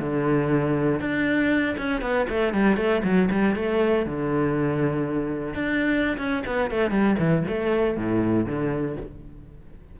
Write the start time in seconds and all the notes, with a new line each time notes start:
0.00 D3
1.00 D4
1.78 C#4
2.02 B3
2.29 A3
2.53 G3
2.77 A3
3.04 F#3
3.31 G3
3.56 A3
4.06 D3
5.54 D4
6.18 C#4
6.46 B3
6.71 A3
6.91 G3
7.19 E3
7.48 A3
7.97 A2
8.46 D3